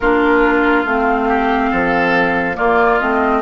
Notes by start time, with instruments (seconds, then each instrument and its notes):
0.00 bassoon A#3, clarinet D4, oboe F4, flute A#4
0.84 bassoon A3, clarinet C4, flute F5
1.28 oboe G4
1.70 bassoon F3, oboe A4
2.54 clarinet A#3, bassoon A#3, oboe F4, flute D5
2.99 bassoon A3, clarinet C4, flute D#5